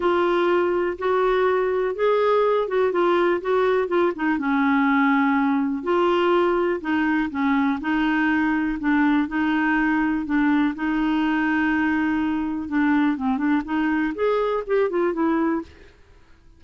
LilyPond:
\new Staff \with { instrumentName = "clarinet" } { \time 4/4 \tempo 4 = 123 f'2 fis'2 | gis'4. fis'8 f'4 fis'4 | f'8 dis'8 cis'2. | f'2 dis'4 cis'4 |
dis'2 d'4 dis'4~ | dis'4 d'4 dis'2~ | dis'2 d'4 c'8 d'8 | dis'4 gis'4 g'8 f'8 e'4 | }